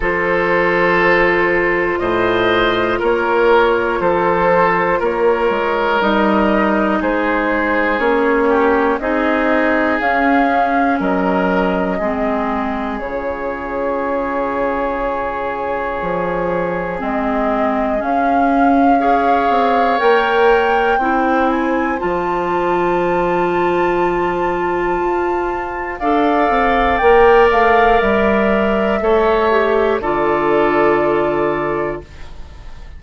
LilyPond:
<<
  \new Staff \with { instrumentName = "flute" } { \time 4/4 \tempo 4 = 60 c''2 dis''4 cis''4 | c''4 cis''4 dis''4 c''4 | cis''4 dis''4 f''4 dis''4~ | dis''4 cis''2.~ |
cis''4 dis''4 f''2 | g''4. gis''8 a''2~ | a''2 f''4 g''8 f''8 | e''2 d''2 | }
  \new Staff \with { instrumentName = "oboe" } { \time 4/4 a'2 c''4 ais'4 | a'4 ais'2 gis'4~ | gis'8 g'8 gis'2 ais'4 | gis'1~ |
gis'2. cis''4~ | cis''4 c''2.~ | c''2 d''2~ | d''4 cis''4 a'2 | }
  \new Staff \with { instrumentName = "clarinet" } { \time 4/4 f'1~ | f'2 dis'2 | cis'4 dis'4 cis'2 | c'4 f'2.~ |
f'4 c'4 cis'4 gis'4 | ais'4 e'4 f'2~ | f'2 a'4 ais'4~ | ais'4 a'8 g'8 f'2 | }
  \new Staff \with { instrumentName = "bassoon" } { \time 4/4 f2 a,4 ais4 | f4 ais8 gis8 g4 gis4 | ais4 c'4 cis'4 fis4 | gis4 cis2. |
f4 gis4 cis'4. c'8 | ais4 c'4 f2~ | f4 f'4 d'8 c'8 ais8 a8 | g4 a4 d2 | }
>>